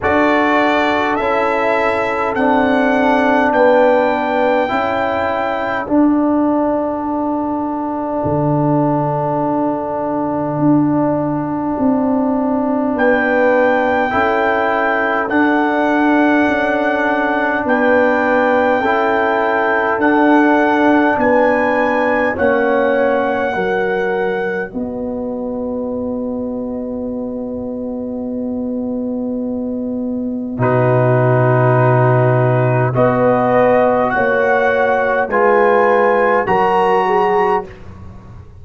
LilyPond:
<<
  \new Staff \with { instrumentName = "trumpet" } { \time 4/4 \tempo 4 = 51 d''4 e''4 fis''4 g''4~ | g''4 fis''2.~ | fis''2. g''4~ | g''4 fis''2 g''4~ |
g''4 fis''4 gis''4 fis''4~ | fis''4 dis''2.~ | dis''2 b'2 | dis''4 fis''4 gis''4 ais''4 | }
  \new Staff \with { instrumentName = "horn" } { \time 4/4 a'2. b'4 | a'1~ | a'2. b'4 | a'2. b'4 |
a'2 b'4 cis''4 | ais'4 b'2.~ | b'2 fis'2 | b'4 cis''4 b'4 ais'8 gis'8 | }
  \new Staff \with { instrumentName = "trombone" } { \time 4/4 fis'4 e'4 d'2 | e'4 d'2.~ | d'1 | e'4 d'2. |
e'4 d'2 cis'4 | fis'1~ | fis'2 dis'2 | fis'2 f'4 fis'4 | }
  \new Staff \with { instrumentName = "tuba" } { \time 4/4 d'4 cis'4 c'4 b4 | cis'4 d'2 d4~ | d4 d'4 c'4 b4 | cis'4 d'4 cis'4 b4 |
cis'4 d'4 b4 ais4 | fis4 b2.~ | b2 b,2 | b4 ais4 gis4 fis4 | }
>>